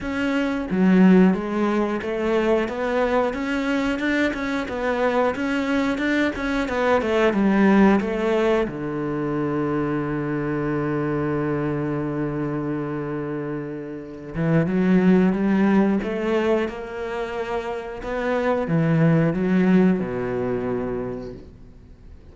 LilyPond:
\new Staff \with { instrumentName = "cello" } { \time 4/4 \tempo 4 = 90 cis'4 fis4 gis4 a4 | b4 cis'4 d'8 cis'8 b4 | cis'4 d'8 cis'8 b8 a8 g4 | a4 d2.~ |
d1~ | d4. e8 fis4 g4 | a4 ais2 b4 | e4 fis4 b,2 | }